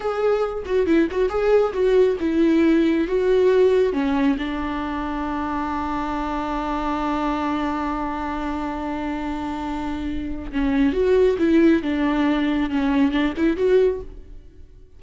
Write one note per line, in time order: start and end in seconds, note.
0.00 0.63 G#4
0.65 0.86 F#4
0.86 1.08 E4
1.11 1.29 F#4
1.29 1.72 G#4
1.73 2.16 F#4
2.20 3.07 E4
3.07 3.92 F#4
3.92 4.36 C#4
4.38 10.51 D4
10.52 10.92 C#4
10.92 11.36 F#4
11.38 11.82 E4
11.82 12.70 D4
12.70 13.11 C#4
13.11 13.33 D4
13.36 13.56 E4
13.56 14.00 F#4